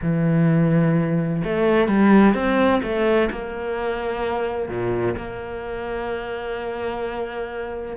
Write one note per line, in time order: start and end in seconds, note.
0.01 1.42 E3
1.44 1.88 A3
1.88 2.34 G3
2.34 2.81 C4
2.83 3.29 A3
3.30 4.68 A#3
4.68 5.15 A#2
5.17 7.96 A#3